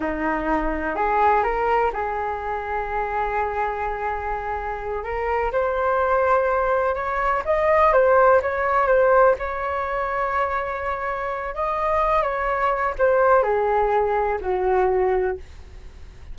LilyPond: \new Staff \with { instrumentName = "flute" } { \time 4/4 \tempo 4 = 125 dis'2 gis'4 ais'4 | gis'1~ | gis'2~ gis'8 ais'4 c''8~ | c''2~ c''8 cis''4 dis''8~ |
dis''8 c''4 cis''4 c''4 cis''8~ | cis''1 | dis''4. cis''4. c''4 | gis'2 fis'2 | }